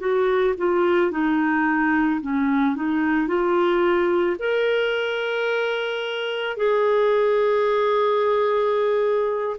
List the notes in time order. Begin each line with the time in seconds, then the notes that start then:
0.00 F#4
0.58 F4
1.12 D#4
2.22 C#4
2.76 D#4
3.28 F4
4.39 A#4
6.58 G#4